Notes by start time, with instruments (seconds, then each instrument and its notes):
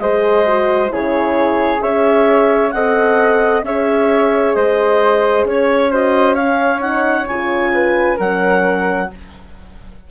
0.00 bassoon G#3, horn G#4, flute C5, clarinet D#5
0.46 horn F#4
0.89 bassoon C#3, horn E4, flute G#4, clarinet C#5
1.81 bassoon C#4, horn G#4, flute C#5, clarinet E5
2.71 bassoon C4, horn A4, flute D#5, clarinet F#5
3.63 bassoon C#4, horn G#4, flute C#5, clarinet E5
4.55 bassoon G#3, flute C5, clarinet D#5
5.45 bassoon C#4, clarinet C#5, flute C#5
5.92 horn F#4, flute C5, clarinet D#5
6.35 horn C#4, flute C#5, clarinet F5
6.81 horn D#4, clarinet F#5
7.27 bassoon C#3, horn F4, clarinet G#5
7.74 flute B4
8.17 bassoon F#3, horn C#4, flute A#4, clarinet F#5